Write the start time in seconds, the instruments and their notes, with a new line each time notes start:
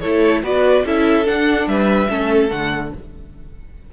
0.00 cello A3, viola E4, violin A4 C#5
0.43 cello B3, viola F#4, violin B4 D5
0.85 cello C#4, viola E4, violin A4 E5
1.24 viola D4, cello D4, violin F#5
1.67 cello G3, violin B4 E5
2.09 cello A3, viola C#4, violin A4
2.50 cello D3, viola A3, violin F#5